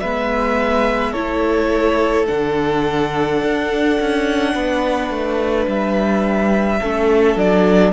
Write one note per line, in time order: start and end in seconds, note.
0.00 1.15 G#3
0.00 1.14 B3
0.00 1.12 B4
0.00 1.12 E5
1.12 2.28 A3
1.12 2.27 E4
1.12 4.52 A4
1.12 2.25 C#5
2.27 3.42 D3
2.27 6.79 D4
2.27 5.67 F#5
3.42 3.99 D4
4.00 4.55 C#4
4.54 5.10 B3
4.54 6.79 B4
5.10 5.66 A3
5.67 6.80 G3
5.67 7.38 E5
6.79 7.35 A3
6.79 7.37 C#4
6.79 7.92 A4
7.35 7.92 F#3
7.35 7.92 D4
7.35 7.92 D5